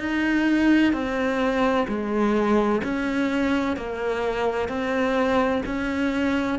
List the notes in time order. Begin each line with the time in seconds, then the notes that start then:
0.00 D#4
0.93 C4
1.88 G#3
2.84 C#4
3.77 A#3
4.69 C4
5.66 C#4